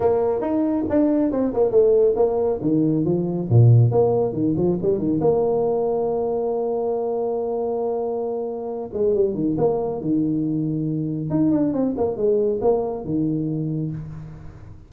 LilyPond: \new Staff \with { instrumentName = "tuba" } { \time 4/4 \tempo 4 = 138 ais4 dis'4 d'4 c'8 ais8 | a4 ais4 dis4 f4 | ais,4 ais4 dis8 f8 g8 dis8 | ais1~ |
ais1~ | ais8 gis8 g8 dis8 ais4 dis4~ | dis2 dis'8 d'8 c'8 ais8 | gis4 ais4 dis2 | }